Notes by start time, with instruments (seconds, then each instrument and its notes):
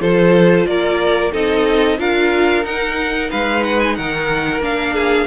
0.00 cello F3, viola F4, violin A4 C5
0.66 cello A#3, violin A#4 D5
1.32 cello C4, viola D#4, violin A4 D#5
1.98 cello D4, viola F4, violin A#4 F5
2.64 viola D#4, cello D#4, violin F#5
3.30 cello G#3, violin B4 F5
3.64 violin F#5
3.79 violin G#5
3.96 cello D#3, violin A#4 F#5
4.60 cello A#3, viola D4, violin F5
4.94 violin G#4